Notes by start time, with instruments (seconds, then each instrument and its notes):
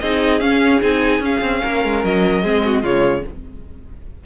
0.00 cello C4, viola D#4, violin G#4 D#5
0.40 viola C#4, cello C#4, violin F5
0.81 cello C4, viola D#4, violin G#5
1.20 cello C#4, viola C#4, violin F5
1.41 cello C4
1.63 cello A#3, violin A#4
1.84 cello G#3
2.04 cello F#3, violin D#5
2.43 cello G#3, viola C4, violin G#4
2.65 violin F#4
2.83 cello C#3, viola G#3, violin F4 C#5